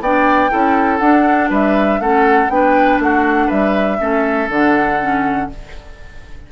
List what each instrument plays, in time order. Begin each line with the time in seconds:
0.00 bassoon B3, clarinet D4, oboe D5, flute G5
0.50 bassoon C#4, clarinet E4, oboe A4
0.99 bassoon D4, clarinet D4, flute F#5
1.50 bassoon G3, oboe B4, flute E5
2.00 bassoon A3, clarinet C#4, oboe A4, flute F#5
2.49 bassoon B3, clarinet D4, oboe B4, flute G5
3.00 bassoon A3, oboe F#4, flute F#5
3.47 bassoon G3, oboe B4, flute E5
3.99 bassoon A3, clarinet C#4, oboe A4
4.49 bassoon D3, clarinet D4, flute F#5
5.00 clarinet C#4